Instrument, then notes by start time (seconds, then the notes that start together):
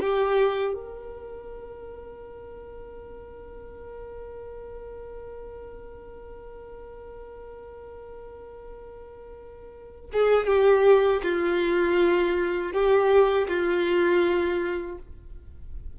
violin
0.00 G4
0.74 A#4
10.13 G#4
10.47 G4
11.23 F4
12.72 G4
13.48 F4